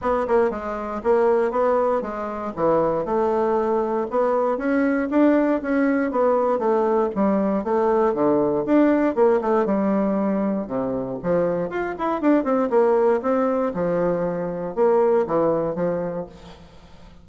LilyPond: \new Staff \with { instrumentName = "bassoon" } { \time 4/4 \tempo 4 = 118 b8 ais8 gis4 ais4 b4 | gis4 e4 a2 | b4 cis'4 d'4 cis'4 | b4 a4 g4 a4 |
d4 d'4 ais8 a8 g4~ | g4 c4 f4 f'8 e'8 | d'8 c'8 ais4 c'4 f4~ | f4 ais4 e4 f4 | }